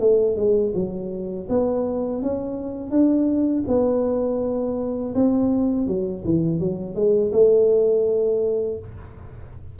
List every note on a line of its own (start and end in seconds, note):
0.00 0.37 A3
0.37 0.73 G#3
0.75 1.48 F#3
1.49 2.23 B3
2.23 2.91 C#4
2.91 3.64 D4
3.68 5.14 B3
5.15 5.87 C4
5.87 6.24 F#3
6.25 6.60 E3
6.60 6.95 F#3
6.95 7.32 G#3
7.32 8.79 A3